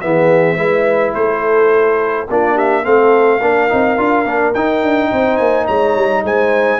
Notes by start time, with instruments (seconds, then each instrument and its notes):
0.00 tuba E3, trombone B3, horn G#4, trumpet E5
0.56 tuba G#3, trombone E4, horn B4
1.14 tuba A3, horn A4, trumpet C5
2.29 tuba A#3, trombone D4, horn F4, trumpet D5
2.54 horn G4, trumpet E5
2.83 tuba A3, trombone C4, horn A4, trumpet F5
3.40 tuba A#3, trombone D4, horn A#4
3.69 tuba C4, trombone D#4
3.97 tuba D4, trombone F4
4.25 tuba A#3, trombone D4
4.54 tuba D#4, trombone D#4, trumpet G5
4.83 tuba D4
5.11 tuba C4, horn C5
5.37 tuba A#3, trumpet G#5
5.66 tuba G#3, horn C#5, trumpet A#5
5.96 tuba G3
6.24 tuba G#3, horn C5, trumpet G#5